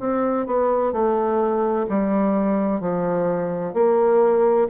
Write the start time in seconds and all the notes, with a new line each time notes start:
0.00 C4
0.46 B3
0.92 A3
1.89 G3
2.80 F3
3.74 A#3